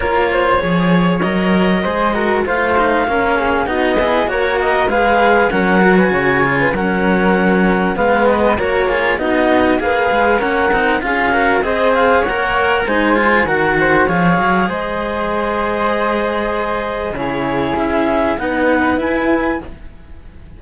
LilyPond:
<<
  \new Staff \with { instrumentName = "clarinet" } { \time 4/4 \tempo 4 = 98 cis''2 dis''2 | f''2 dis''4 cis''8 dis''8 | f''4 fis''8. gis''4~ gis''16 fis''4~ | fis''4 f''8 dis''8 cis''4 dis''4 |
f''4 fis''4 f''4 dis''8 f''8 | fis''4 gis''4 fis''4 f''4 | dis''1 | cis''4 e''4 fis''4 gis''4 | }
  \new Staff \with { instrumentName = "flute" } { \time 4/4 ais'8 c''8 cis''2 c''8 ais'8 | c''4 ais'8 gis'8 fis'8 gis'8 ais'4 | b'4 ais'8. b'16 cis''8. b'16 ais'4~ | ais'4 b'4 ais'8 gis'8 fis'4 |
b'4 ais'4 gis'8 ais'8 c''4 | cis''4 c''4 ais'8 c''8 cis''4 | c''1 | gis'2 b'2 | }
  \new Staff \with { instrumentName = "cello" } { \time 4/4 f'4 gis'4 ais'4 gis'8 fis'8 | f'8 dis'8 cis'4 dis'8 e'8 fis'4 | gis'4 cis'8 fis'4 f'8 cis'4~ | cis'4 b4 fis'8 f'8 dis'4 |
gis'4 cis'8 dis'8 f'8 fis'8 gis'4 | ais'4 dis'8 f'8 fis'4 gis'4~ | gis'1 | e'2 dis'4 e'4 | }
  \new Staff \with { instrumentName = "cello" } { \time 4/4 ais4 f4 fis4 gis4 | a4 ais4 b4 ais4 | gis4 fis4 cis4 fis4~ | fis4 gis4 ais4 b4 |
ais8 gis8 ais8 c'8 cis'4 c'4 | ais4 gis4 dis4 f8 fis8 | gis1 | cis4 cis'4 b4 e'4 | }
>>